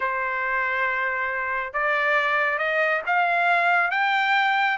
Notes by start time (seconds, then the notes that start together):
0.00 C5
1.73 D5
2.58 D#5
3.06 F5
3.90 G5